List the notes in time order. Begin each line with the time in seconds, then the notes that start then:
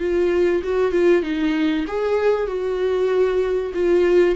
0.00 F4
0.63 F#4
0.92 F4
1.23 D#4
1.88 G#4
2.47 F#4
3.74 F4